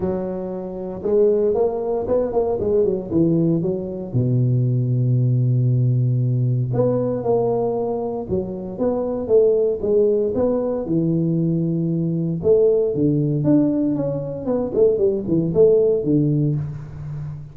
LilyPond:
\new Staff \with { instrumentName = "tuba" } { \time 4/4 \tempo 4 = 116 fis2 gis4 ais4 | b8 ais8 gis8 fis8 e4 fis4 | b,1~ | b,4 b4 ais2 |
fis4 b4 a4 gis4 | b4 e2. | a4 d4 d'4 cis'4 | b8 a8 g8 e8 a4 d4 | }